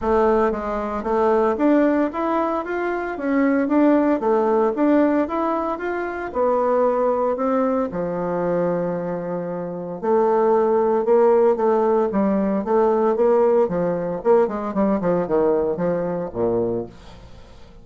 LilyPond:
\new Staff \with { instrumentName = "bassoon" } { \time 4/4 \tempo 4 = 114 a4 gis4 a4 d'4 | e'4 f'4 cis'4 d'4 | a4 d'4 e'4 f'4 | b2 c'4 f4~ |
f2. a4~ | a4 ais4 a4 g4 | a4 ais4 f4 ais8 gis8 | g8 f8 dis4 f4 ais,4 | }